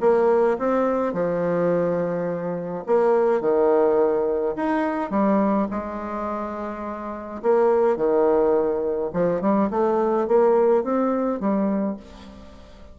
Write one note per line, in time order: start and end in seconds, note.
0.00 0.57 A#3
0.58 1.13 C4
1.13 2.84 F3
2.86 3.41 A#3
3.41 4.55 D#3
4.56 5.10 D#4
5.10 5.67 G3
5.70 7.42 G#3
7.42 7.96 A#3
7.96 9.11 D#3
9.13 9.41 F3
9.41 9.69 G3
9.70 10.27 A3
10.28 10.83 A#3
10.83 11.39 C4
11.39 11.97 G3